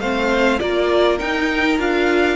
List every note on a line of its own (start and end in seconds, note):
0.00 0.59 A3
0.00 0.59 C4
0.00 0.60 C5
0.00 0.59 F5
0.59 1.21 A#3
0.59 1.19 F4
0.59 2.36 A#4
0.59 1.19 D5
1.19 1.78 D#4
1.19 1.79 D#4
1.19 1.79 G5
1.78 2.36 D4
1.78 2.36 F4
1.78 2.36 F5